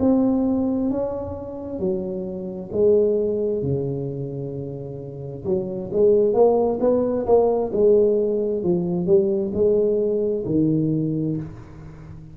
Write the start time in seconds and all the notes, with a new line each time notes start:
0.00 C4
0.91 C#4
1.80 F#3
2.72 G#3
3.63 C#3
5.45 F#3
5.93 G#3
6.34 A#3
6.81 B3
7.26 A#3
7.73 G#3
8.64 F3
9.07 G3
9.54 G#3
10.46 D#3